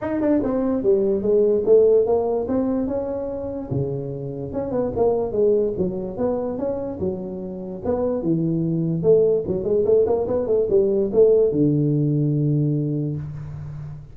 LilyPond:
\new Staff \with { instrumentName = "tuba" } { \time 4/4 \tempo 4 = 146 dis'8 d'8 c'4 g4 gis4 | a4 ais4 c'4 cis'4~ | cis'4 cis2 cis'8 b8 | ais4 gis4 fis4 b4 |
cis'4 fis2 b4 | e2 a4 fis8 gis8 | a8 ais8 b8 a8 g4 a4 | d1 | }